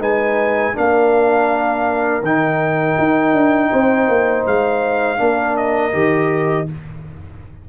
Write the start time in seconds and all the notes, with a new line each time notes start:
0.00 G#3 D#4 B4 G#5
0.75 A#3 D4 A#4 F5
2.22 D#3 D#4 G5
2.98 D#4
3.33 D4
3.71 C4 C5
4.09 A#3
4.46 G#3 F5
5.18 A#3 D4 A#4
5.57 D#5
5.92 D#3 G4